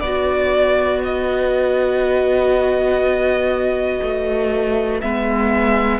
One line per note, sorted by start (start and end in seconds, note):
0.00 4.01 B3
0.00 5.02 F#4
0.00 6.00 B4
0.00 1.00 D5
1.04 5.01 D#5
4.02 5.02 A3
5.01 6.00 G#3
5.01 6.00 B3
5.01 6.00 E5